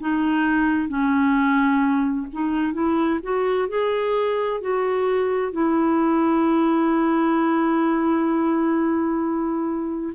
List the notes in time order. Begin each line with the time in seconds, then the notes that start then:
0.00 D#4
0.89 C#4
2.33 D#4
2.74 E4
3.23 F#4
3.69 G#4
4.61 F#4
5.53 E4